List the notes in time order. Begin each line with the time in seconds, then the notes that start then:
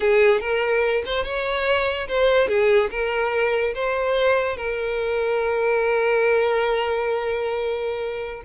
0.00 G#4
0.40 A#4
1.05 C5
1.24 C#5
2.08 C5
2.48 G#4
2.90 A#4
3.74 C5
4.56 A#4